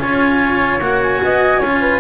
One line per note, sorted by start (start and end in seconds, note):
0.00 0.80 C#4
0.00 0.80 F4
0.00 1.21 C#5
0.00 0.80 G#5
0.80 1.20 A#3
0.80 1.62 F#4
0.80 1.01 F#5
1.02 2.00 G#5
1.23 1.61 B3
1.23 1.59 D#5
1.59 2.00 C#4
1.59 1.79 C#5
1.65 2.00 F4
1.80 2.00 B4